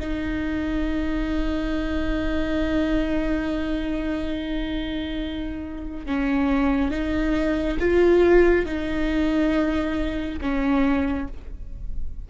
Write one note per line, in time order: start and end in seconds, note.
0.00 6.06 D#4
6.06 6.91 C#4
6.91 7.77 D#4
7.79 8.66 F4
8.66 10.40 D#4
10.41 11.28 C#4